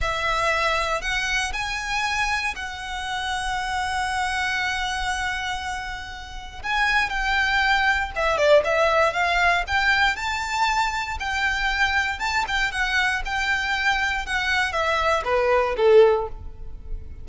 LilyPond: \new Staff \with { instrumentName = "violin" } { \time 4/4 \tempo 4 = 118 e''2 fis''4 gis''4~ | gis''4 fis''2.~ | fis''1~ | fis''4 gis''4 g''2 |
e''8 d''8 e''4 f''4 g''4 | a''2 g''2 | a''8 g''8 fis''4 g''2 | fis''4 e''4 b'4 a'4 | }